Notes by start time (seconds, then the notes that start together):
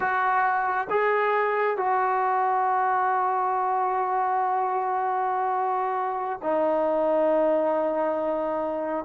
0.00 F#4
0.90 G#4
1.76 F#4
6.42 D#4